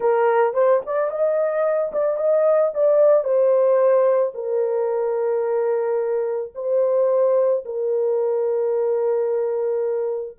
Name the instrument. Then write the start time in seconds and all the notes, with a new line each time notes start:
horn
0.00 A#4
0.53 C5
0.86 D5
1.10 D#5
1.92 D5
2.16 D#5
2.73 D5
3.23 C5
4.34 A#4
6.55 C5
7.65 A#4